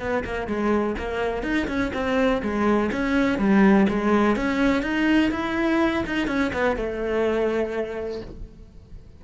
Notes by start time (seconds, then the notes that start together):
0.00 B3
0.25 A#3
0.48 G#3
0.99 A#3
1.43 D#4
1.68 C#4
1.94 C4
2.43 G#3
2.92 C#4
3.39 G3
3.89 G#3
4.36 C#4
4.83 D#4
5.32 E4
6.07 D#4
6.27 C#4
6.54 B3
6.77 A3